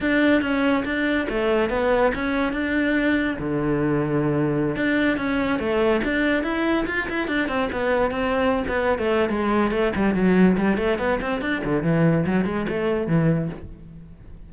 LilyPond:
\new Staff \with { instrumentName = "cello" } { \time 4/4 \tempo 4 = 142 d'4 cis'4 d'4 a4 | b4 cis'4 d'2 | d2.~ d16 d'8.~ | d'16 cis'4 a4 d'4 e'8.~ |
e'16 f'8 e'8 d'8 c'8 b4 c'8.~ | c'8 b8. a8. gis4 a8 g8 | fis4 g8 a8 b8 c'8 d'8 d8 | e4 fis8 gis8 a4 e4 | }